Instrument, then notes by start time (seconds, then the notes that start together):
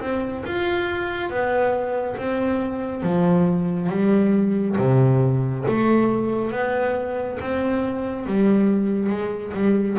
double bass
0.00 C4
0.45 F4
1.29 B3
2.17 C4
3.02 F3
3.89 G3
4.77 C3
5.68 A3
6.51 B3
7.40 C4
8.26 G3
9.09 G#3
9.53 G3